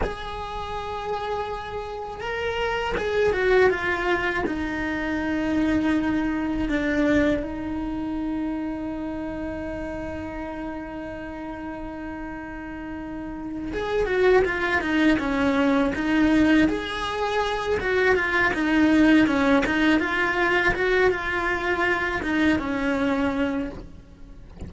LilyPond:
\new Staff \with { instrumentName = "cello" } { \time 4/4 \tempo 4 = 81 gis'2. ais'4 | gis'8 fis'8 f'4 dis'2~ | dis'4 d'4 dis'2~ | dis'1~ |
dis'2~ dis'8 gis'8 fis'8 f'8 | dis'8 cis'4 dis'4 gis'4. | fis'8 f'8 dis'4 cis'8 dis'8 f'4 | fis'8 f'4. dis'8 cis'4. | }